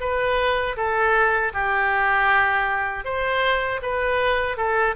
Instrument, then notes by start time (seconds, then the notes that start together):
oboe
0.00 B4
0.76 A4
1.53 G4
3.04 C5
3.82 B4
4.56 A4